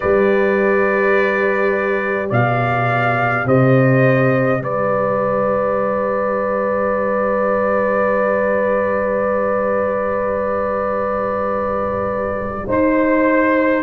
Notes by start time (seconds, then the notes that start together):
0.00 G3 G4 B4 D5
2.29 B2 D5 F5
3.46 C3 C5 D#5
4.61 G3 B4 D5
12.66 D#4 C5